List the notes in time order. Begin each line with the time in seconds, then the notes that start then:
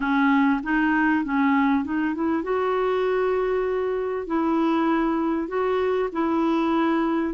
0.00 C#4
0.63 D#4
1.24 C#4
1.84 D#4
2.14 E4
2.43 F#4
4.27 E4
5.48 F#4
6.12 E4